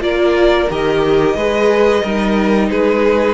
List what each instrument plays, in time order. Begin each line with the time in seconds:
0.00 cello A#3, viola F4, violin A#4 D5
0.70 cello D#3, viola G4, violin D#5
1.35 cello G#3, viola G#4, violin B4
2.02 cello G3, viola D#4, violin A#4
2.70 cello G#3, violin G#4 B4